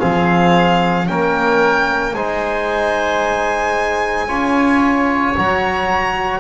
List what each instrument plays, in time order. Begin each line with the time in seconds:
0.00 double bass F3, trombone C4, oboe G#4, violin F5
1.05 double bass A#3, trombone C#4, oboe A#4, violin G5
2.14 double bass G#3, trombone D#4, oboe C5, violin G#5
4.27 double bass C#4, trombone F4, oboe C#5
5.37 double bass F#3, trombone F#4, violin A#5